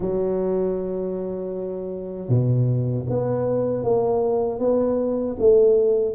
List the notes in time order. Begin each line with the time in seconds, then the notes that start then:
0.00 F#3
2.28 B2
3.09 B3
3.83 A#3
4.59 B3
5.38 A3